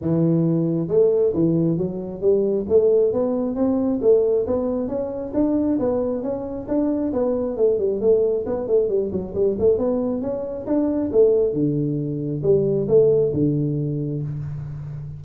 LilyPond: \new Staff \with { instrumentName = "tuba" } { \time 4/4 \tempo 4 = 135 e2 a4 e4 | fis4 g4 a4 b4 | c'4 a4 b4 cis'4 | d'4 b4 cis'4 d'4 |
b4 a8 g8 a4 b8 a8 | g8 fis8 g8 a8 b4 cis'4 | d'4 a4 d2 | g4 a4 d2 | }